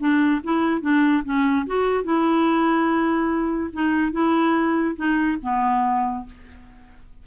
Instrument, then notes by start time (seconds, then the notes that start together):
clarinet
0.00 D4
0.44 E4
0.82 D4
1.25 C#4
1.67 F#4
2.04 E4
3.73 D#4
4.12 E4
4.96 D#4
5.43 B3